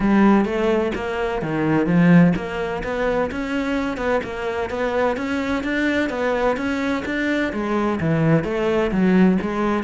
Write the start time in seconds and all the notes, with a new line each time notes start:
0.00 G3
0.45 A3
0.95 A#3
1.42 D#3
1.86 F3
2.36 A#3
2.83 B3
3.31 C#4
3.97 B3
4.23 A#3
4.70 B3
5.16 C#4
5.63 D4
6.09 B3
6.56 C#4
7.05 D4
7.52 G#3
8.00 E3
8.44 A3
8.91 F#3
9.41 G#3